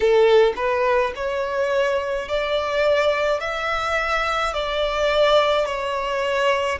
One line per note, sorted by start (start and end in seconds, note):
0.00 0.53 A4
0.56 1.12 B4
1.15 2.28 C#5
2.28 3.40 D5
3.40 4.53 E5
4.53 5.66 D5
5.66 6.79 C#5